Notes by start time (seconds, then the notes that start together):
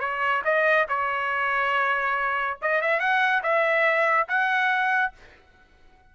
0.00 C#5
0.44 D#5
0.88 C#5
2.62 D#5
2.82 E5
3.00 F#5
3.43 E5
4.28 F#5